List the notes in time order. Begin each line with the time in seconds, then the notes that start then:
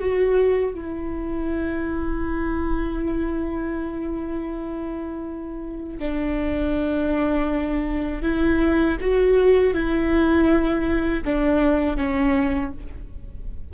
0.00 F#4
0.75 E4
5.99 D4
8.23 E4
9.01 F#4
9.74 E4
11.25 D4
11.97 C#4